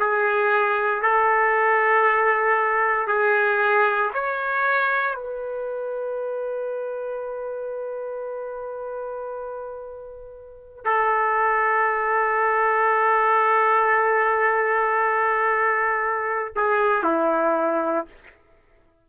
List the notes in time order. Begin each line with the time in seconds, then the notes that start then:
0.00 G#4
1.02 A4
3.08 G#4
4.14 C#5
5.15 B4
10.85 A4
16.56 G#4
17.04 E4